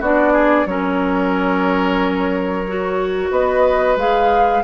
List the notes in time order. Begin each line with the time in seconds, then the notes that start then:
0.00 B3 D4 F#4 D5
0.33 G#4
0.65 F#3 C#4 A#4 C#5
2.67 F#4
3.30 B3 B4 D#5
3.96 G#3 G#4 F5